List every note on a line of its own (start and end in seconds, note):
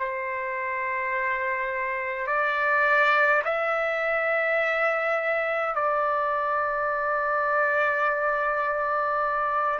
0.00 2.27 C5
2.27 3.42 D5
3.45 5.75 E5
5.75 9.79 D5